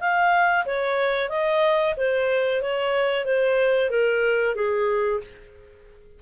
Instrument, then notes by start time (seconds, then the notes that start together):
clarinet
0.00 F5
0.66 C#5
1.30 D#5
1.97 C5
2.62 C#5
3.25 C5
3.90 A#4
4.55 G#4